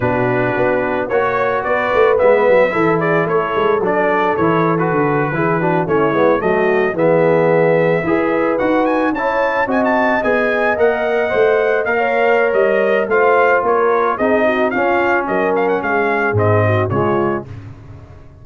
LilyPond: <<
  \new Staff \with { instrumentName = "trumpet" } { \time 4/4 \tempo 4 = 110 b'2 cis''4 d''4 | e''4. d''8 cis''4 d''4 | cis''8. b'2 cis''4 dis''16~ | dis''8. e''2. fis''16~ |
fis''16 gis''8 a''4 gis''16 a''8. gis''4 fis''16~ | fis''4.~ fis''16 f''4~ f''16 dis''4 | f''4 cis''4 dis''4 f''4 | dis''8 f''16 fis''16 f''4 dis''4 cis''4 | }
  \new Staff \with { instrumentName = "horn" } { \time 4/4 fis'2 cis''4 b'4~ | b'4 a'8 gis'8 a'2~ | a'4.~ a'16 gis'8 fis'8 e'4 fis'16~ | fis'8. gis'2 b'4~ b'16~ |
b'8. cis''4 dis''2~ dis''16~ | dis''2 cis''2 | c''4 ais'4 gis'8 fis'8 f'4 | ais'4 gis'4. fis'8 f'4 | }
  \new Staff \with { instrumentName = "trombone" } { \time 4/4 d'2 fis'2 | b4 e'2 d'4 | e'8. fis'4 e'8 d'8 cis'8 b8 a16~ | a8. b2 gis'4 fis'16~ |
fis'8. e'4 fis'4 gis'4 ais'16~ | ais'8. c''4 ais'2~ ais'16 | f'2 dis'4 cis'4~ | cis'2 c'4 gis4 | }
  \new Staff \with { instrumentName = "tuba" } { \time 4/4 b,4 b4 ais4 b8 a8 | gis8 fis8 e4 a8 gis8 fis4 | e4 d8. e4 a8 gis8 fis16~ | fis8. e2 e'4 dis'16~ |
dis'8. cis'4 c'4 b4 ais16~ | ais8. a4 ais4~ ais16 g4 | a4 ais4 c'4 cis'4 | fis4 gis4 gis,4 cis4 | }
>>